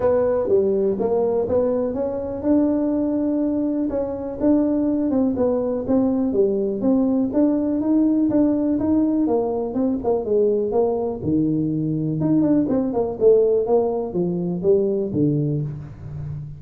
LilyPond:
\new Staff \with { instrumentName = "tuba" } { \time 4/4 \tempo 4 = 123 b4 g4 ais4 b4 | cis'4 d'2. | cis'4 d'4. c'8 b4 | c'4 g4 c'4 d'4 |
dis'4 d'4 dis'4 ais4 | c'8 ais8 gis4 ais4 dis4~ | dis4 dis'8 d'8 c'8 ais8 a4 | ais4 f4 g4 d4 | }